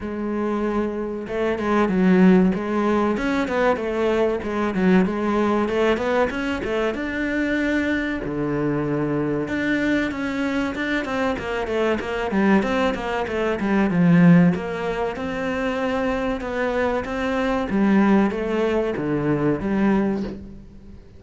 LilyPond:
\new Staff \with { instrumentName = "cello" } { \time 4/4 \tempo 4 = 95 gis2 a8 gis8 fis4 | gis4 cis'8 b8 a4 gis8 fis8 | gis4 a8 b8 cis'8 a8 d'4~ | d'4 d2 d'4 |
cis'4 d'8 c'8 ais8 a8 ais8 g8 | c'8 ais8 a8 g8 f4 ais4 | c'2 b4 c'4 | g4 a4 d4 g4 | }